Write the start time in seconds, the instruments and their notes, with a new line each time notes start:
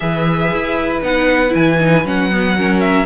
0.00 cello E3, viola G#4, violin B4 E5
0.52 cello E4
1.01 cello B3, viola D#4, violin F#5
1.49 cello E3, viola E4, violin G#5
1.80 viola D#4
2.04 cello F#3, viola C#4, violin F#5
2.31 viola B3
2.57 viola C#4, violin A#4
2.80 violin E5